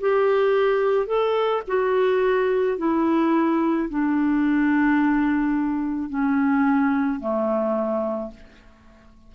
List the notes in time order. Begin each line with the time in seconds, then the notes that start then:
0.00 G4
1.07 A4
1.67 F#4
2.78 E4
3.89 D4
6.10 C#4
7.20 A3